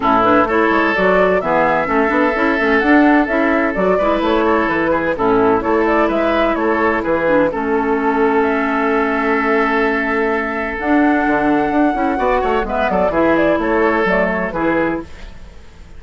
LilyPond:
<<
  \new Staff \with { instrumentName = "flute" } { \time 4/4 \tempo 4 = 128 a'8 b'8 cis''4 d''4 e''4~ | e''2 fis''4 e''4 | d''4 cis''4 b'4 a'4 | cis''8 d''8 e''4 cis''4 b'4 |
a'2 e''2~ | e''2. fis''4~ | fis''2. e''8 d''8 | e''8 d''8 cis''4 d''8 cis''8 b'4 | }
  \new Staff \with { instrumentName = "oboe" } { \time 4/4 e'4 a'2 gis'4 | a'1~ | a'8 b'4 a'4 gis'8 e'4 | a'4 b'4 a'4 gis'4 |
a'1~ | a'1~ | a'2 d''8 cis''8 b'8 a'8 | gis'4 a'2 gis'4 | }
  \new Staff \with { instrumentName = "clarinet" } { \time 4/4 cis'8 d'8 e'4 fis'4 b4 | cis'8 d'8 e'8 cis'8 d'4 e'4 | fis'8 e'2~ e'8 cis'4 | e'2.~ e'8 d'8 |
cis'1~ | cis'2. d'4~ | d'4. e'8 fis'4 b4 | e'2 a4 e'4 | }
  \new Staff \with { instrumentName = "bassoon" } { \time 4/4 a,4 a8 gis8 fis4 e4 | a8 b8 cis'8 a8 d'4 cis'4 | fis8 gis8 a4 e4 a,4 | a4 gis4 a4 e4 |
a1~ | a2. d'4 | d4 d'8 cis'8 b8 a8 gis8 fis8 | e4 a4 fis4 e4 | }
>>